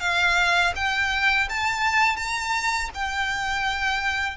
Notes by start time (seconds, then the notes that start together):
0.00 F5
0.75 G5
1.49 A5
2.16 A#5
2.94 G5